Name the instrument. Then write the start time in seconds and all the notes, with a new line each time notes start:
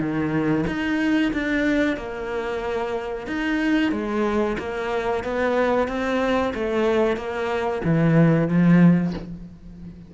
cello
0.00 D#3
0.67 D#4
1.33 D4
1.97 A#3
3.27 D#4
3.92 G#3
4.59 A#3
5.24 B3
5.88 C4
6.54 A3
7.17 A#3
7.84 E3
8.48 F3